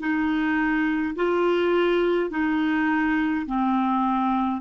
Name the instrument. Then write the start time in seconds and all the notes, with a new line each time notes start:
clarinet
0.00 D#4
1.15 F4
2.30 D#4
3.46 C4